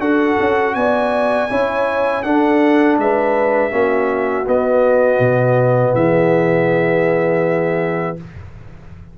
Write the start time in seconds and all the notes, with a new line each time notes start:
0.00 D4 F#4 A4 F#5
0.40 C#4
0.75 B3 D5 G#5
1.50 C#4 E4 C#5
2.23 D4 A4 F#5
2.98 G#3 B4 E5
3.71 A#3 C#4 F#4
4.47 B3 D#5
5.20 B2
5.95 E3 G#4 E5